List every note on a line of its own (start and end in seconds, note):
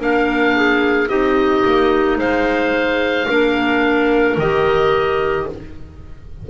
0.00 1.09 A#3
0.00 1.08 D4
0.00 0.56 A#4
0.00 1.09 F5
0.56 1.09 G#4
1.08 1.64 C4
1.08 3.26 D#4
1.08 2.18 G4
1.08 2.18 D#5
1.65 2.18 A#3
2.18 3.27 G#3
2.18 3.27 C5
2.18 4.37 F5
3.27 4.37 A#3
3.27 4.39 D4
3.27 5.46 A#4
4.37 5.46 D#3
4.37 5.50 G4
4.37 5.48 D#5